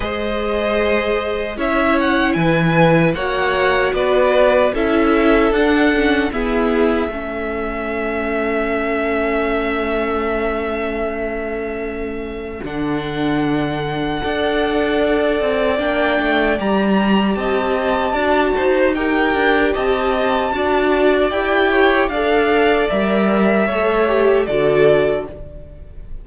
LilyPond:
<<
  \new Staff \with { instrumentName = "violin" } { \time 4/4 \tempo 4 = 76 dis''2 e''8 fis''8 gis''4 | fis''4 d''4 e''4 fis''4 | e''1~ | e''1 |
fis''1 | g''4 ais''4 a''2 | g''4 a''2 g''4 | f''4 e''2 d''4 | }
  \new Staff \with { instrumentName = "violin" } { \time 4/4 c''2 cis''4 b'4 | cis''4 b'4 a'2 | gis'4 a'2.~ | a'1~ |
a'2 d''2~ | d''2 dis''4 d''8 c''8 | ais'4 dis''4 d''4. cis''8 | d''2 cis''4 a'4 | }
  \new Staff \with { instrumentName = "viola" } { \time 4/4 gis'2 e'2 | fis'2 e'4 d'8 cis'8 | b4 cis'2.~ | cis'1 |
d'2 a'2 | d'4 g'2 fis'4 | g'2 fis'4 g'4 | a'4 ais'4 a'8 g'8 fis'4 | }
  \new Staff \with { instrumentName = "cello" } { \time 4/4 gis2 cis'4 e4 | ais4 b4 cis'4 d'4 | e'4 a2.~ | a1 |
d2 d'4. c'8 | ais8 a8 g4 c'4 d'8 dis'8~ | dis'8 d'8 c'4 d'4 e'4 | d'4 g4 a4 d4 | }
>>